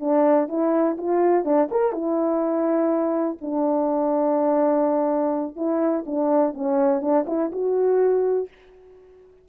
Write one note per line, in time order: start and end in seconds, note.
0.00 0.48 D4
0.48 0.97 E4
0.98 1.45 F4
1.45 1.69 D4
1.71 1.92 A#4
1.92 3.38 E4
3.41 5.56 D4
5.56 6.05 E4
6.06 6.54 D4
6.54 7.01 C#4
7.01 7.25 D4
7.27 7.51 E4
7.52 8.49 F#4